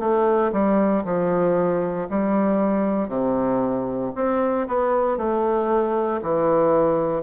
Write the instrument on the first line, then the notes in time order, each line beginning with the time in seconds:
bassoon
0.00 A3
0.53 G3
1.05 F3
2.10 G3
3.08 C3
4.16 C4
4.68 B3
5.18 A3
6.22 E3